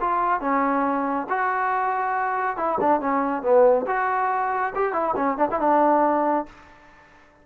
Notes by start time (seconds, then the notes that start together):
0.00 F4
0.40 C#4
1.29 F#4
2.56 E4
2.80 D4
3.00 C#4
3.42 B3
3.87 F#4
4.75 G4
4.92 E4
5.16 C#4
5.37 D4
5.50 E4
5.59 D4